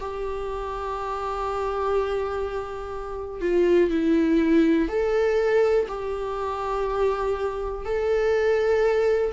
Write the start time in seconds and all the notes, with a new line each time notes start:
0.00 G4
3.41 F4
3.90 E4
4.89 A4
5.88 G4
7.85 A4